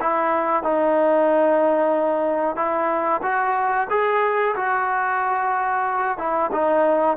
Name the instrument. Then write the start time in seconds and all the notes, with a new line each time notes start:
trombone
0.00 E4
0.63 D#4
2.56 E4
3.22 F#4
3.90 G#4
4.56 F#4
6.18 E4
6.52 D#4